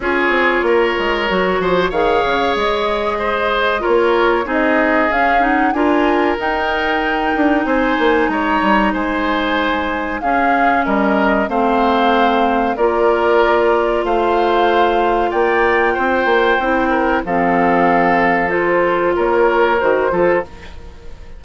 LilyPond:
<<
  \new Staff \with { instrumentName = "flute" } { \time 4/4 \tempo 4 = 94 cis''2. f''4 | dis''2 cis''4 dis''4 | f''8 fis''8 gis''4 g''2 | gis''4 ais''4 gis''2 |
f''4 dis''4 f''2 | d''2 f''2 | g''2. f''4~ | f''4 c''4 cis''4 c''4 | }
  \new Staff \with { instrumentName = "oboe" } { \time 4/4 gis'4 ais'4. c''8 cis''4~ | cis''4 c''4 ais'4 gis'4~ | gis'4 ais'2. | c''4 cis''4 c''2 |
gis'4 ais'4 c''2 | ais'2 c''2 | d''4 c''4. ais'8 a'4~ | a'2 ais'4. a'8 | }
  \new Staff \with { instrumentName = "clarinet" } { \time 4/4 f'2 fis'4 gis'4~ | gis'2 f'4 dis'4 | cis'8 dis'8 f'4 dis'2~ | dis'1 |
cis'2 c'2 | f'1~ | f'2 e'4 c'4~ | c'4 f'2 fis'8 f'8 | }
  \new Staff \with { instrumentName = "bassoon" } { \time 4/4 cis'8 c'8 ais8 gis8 fis8 f8 dis8 cis8 | gis2 ais4 c'4 | cis'4 d'4 dis'4. d'8 | c'8 ais8 gis8 g8 gis2 |
cis'4 g4 a2 | ais2 a2 | ais4 c'8 ais8 c'4 f4~ | f2 ais4 dis8 f8 | }
>>